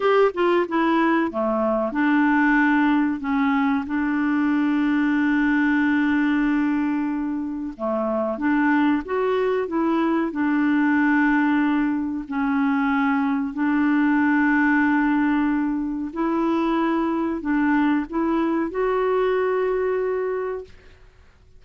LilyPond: \new Staff \with { instrumentName = "clarinet" } { \time 4/4 \tempo 4 = 93 g'8 f'8 e'4 a4 d'4~ | d'4 cis'4 d'2~ | d'1 | a4 d'4 fis'4 e'4 |
d'2. cis'4~ | cis'4 d'2.~ | d'4 e'2 d'4 | e'4 fis'2. | }